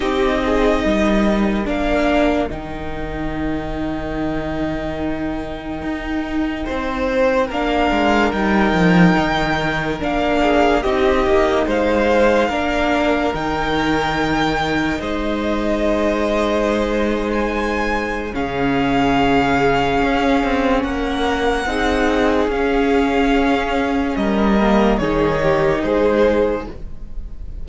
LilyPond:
<<
  \new Staff \with { instrumentName = "violin" } { \time 4/4 \tempo 4 = 72 dis''2 f''4 g''4~ | g''1~ | g''4 f''4 g''2 | f''4 dis''4 f''2 |
g''2 dis''2~ | dis''8. gis''4~ gis''16 f''2~ | f''4 fis''2 f''4~ | f''4 dis''4 cis''4 c''4 | }
  \new Staff \with { instrumentName = "violin" } { \time 4/4 g'8 gis'8 ais'2.~ | ais'1 | c''4 ais'2.~ | ais'8 gis'8 g'4 c''4 ais'4~ |
ais'2 c''2~ | c''2 gis'2~ | gis'4 ais'4 gis'2~ | gis'4 ais'4 gis'8 g'8 gis'4 | }
  \new Staff \with { instrumentName = "viola" } { \time 4/4 dis'2 d'4 dis'4~ | dis'1~ | dis'4 d'4 dis'2 | d'4 dis'2 d'4 |
dis'1~ | dis'2 cis'2~ | cis'2 dis'4 cis'4~ | cis'4. ais8 dis'2 | }
  \new Staff \with { instrumentName = "cello" } { \time 4/4 c'4 g4 ais4 dis4~ | dis2. dis'4 | c'4 ais8 gis8 g8 f8 dis4 | ais4 c'8 ais8 gis4 ais4 |
dis2 gis2~ | gis2 cis2 | cis'8 c'8 ais4 c'4 cis'4~ | cis'4 g4 dis4 gis4 | }
>>